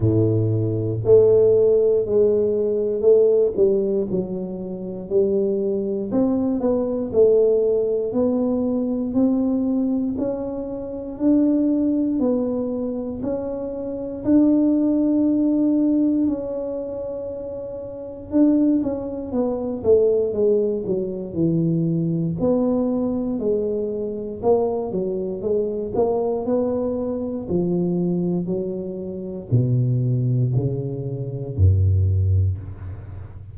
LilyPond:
\new Staff \with { instrumentName = "tuba" } { \time 4/4 \tempo 4 = 59 a,4 a4 gis4 a8 g8 | fis4 g4 c'8 b8 a4 | b4 c'4 cis'4 d'4 | b4 cis'4 d'2 |
cis'2 d'8 cis'8 b8 a8 | gis8 fis8 e4 b4 gis4 | ais8 fis8 gis8 ais8 b4 f4 | fis4 b,4 cis4 fis,4 | }